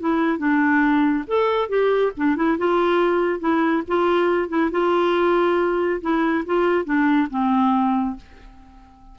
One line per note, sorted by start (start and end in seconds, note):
0.00 0.38 E4
0.38 1.25 D4
1.27 1.69 A4
1.69 2.12 G4
2.17 2.36 D4
2.36 2.58 E4
2.58 3.40 F4
3.40 3.83 E4
3.88 4.49 F4
4.49 4.71 E4
4.71 6.01 F4
6.01 6.45 E4
6.46 6.85 F4
6.85 7.28 D4
7.30 8.16 C4